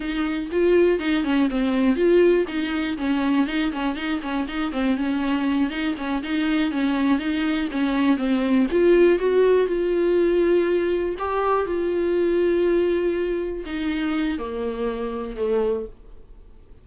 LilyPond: \new Staff \with { instrumentName = "viola" } { \time 4/4 \tempo 4 = 121 dis'4 f'4 dis'8 cis'8 c'4 | f'4 dis'4 cis'4 dis'8 cis'8 | dis'8 cis'8 dis'8 c'8 cis'4. dis'8 | cis'8 dis'4 cis'4 dis'4 cis'8~ |
cis'8 c'4 f'4 fis'4 f'8~ | f'2~ f'8 g'4 f'8~ | f'2.~ f'8 dis'8~ | dis'4 ais2 a4 | }